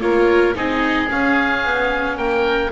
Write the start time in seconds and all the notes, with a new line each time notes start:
0.00 A#3 F4 A#4 C#5
0.55 C4 D#4 G#4 D#5
1.07 C#4 F5
1.64 B3
2.17 A#3 A#4 G5